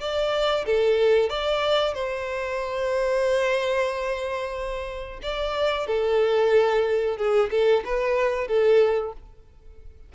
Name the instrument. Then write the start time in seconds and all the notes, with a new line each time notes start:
violin
0.00 D5
0.66 A4
1.30 D5
1.94 C5
5.23 D5
5.87 A4
7.17 G#4
7.51 A4
7.85 B4
8.48 A4